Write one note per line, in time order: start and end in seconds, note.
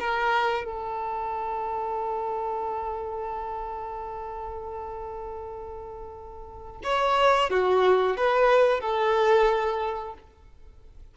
0.00 0.65 A#4
0.65 6.81 A4
6.84 7.51 C#5
7.51 8.17 F#4
8.17 8.81 B4
8.81 10.14 A4